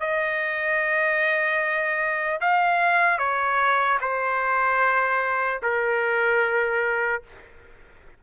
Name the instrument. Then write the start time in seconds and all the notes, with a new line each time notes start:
trumpet
0.00 D#5
2.41 F5
3.19 C#5
4.01 C5
5.63 A#4